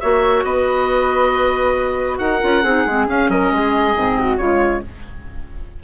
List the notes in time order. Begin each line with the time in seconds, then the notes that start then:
0.00 A#3 F#4 C#5 E5
0.44 B3 B4 D#5
2.19 D#4 A#4 F#5
2.41 C#4 F4
2.63 C4 D#4 G#4
2.86 G#3 C4
3.06 C#4 F5
3.29 F#3 A#4 D#5
3.51 G#3 G#4
3.95 G#2 C4
4.19 F#4
4.37 C#3 G#3 F4 C#5